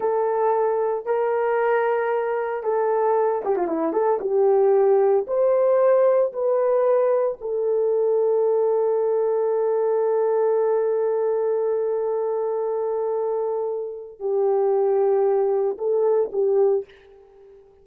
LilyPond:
\new Staff \with { instrumentName = "horn" } { \time 4/4 \tempo 4 = 114 a'2 ais'2~ | ais'4 a'4. g'16 f'16 e'8 a'8 | g'2 c''2 | b'2 a'2~ |
a'1~ | a'1~ | a'2. g'4~ | g'2 a'4 g'4 | }